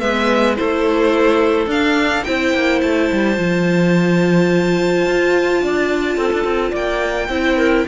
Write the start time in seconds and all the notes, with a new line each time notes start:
0.00 G#3 B3 B4 E5
0.55 A3 E4 A4 C5
1.66 D4 F5
2.24 C4 E4 C5 G5
2.53 A#3
2.81 A3 A5
3.12 G3
3.36 F3 F4
5.06 F4
5.62 D4 D5
6.16 C4 A4
6.32 D4
6.44 C4
6.70 A#3 D5 G5
7.29 C4 E4 C5
7.57 A#4